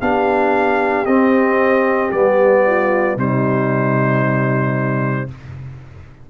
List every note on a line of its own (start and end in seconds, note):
0.00 1.06 B3
0.00 1.07 D4
0.00 2.63 G4
0.00 1.06 F5
1.06 2.11 C4
1.06 2.13 C4
1.06 2.11 D#5
2.12 3.16 G3
2.12 3.18 B3
2.12 3.17 D5
2.67 3.18 F4
3.16 5.27 C3
3.16 5.28 G3
3.16 5.29 D#4
3.16 5.30 C5